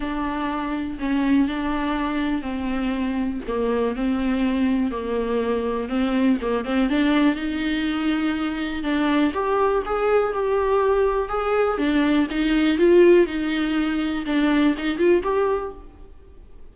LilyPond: \new Staff \with { instrumentName = "viola" } { \time 4/4 \tempo 4 = 122 d'2 cis'4 d'4~ | d'4 c'2 ais4 | c'2 ais2 | c'4 ais8 c'8 d'4 dis'4~ |
dis'2 d'4 g'4 | gis'4 g'2 gis'4 | d'4 dis'4 f'4 dis'4~ | dis'4 d'4 dis'8 f'8 g'4 | }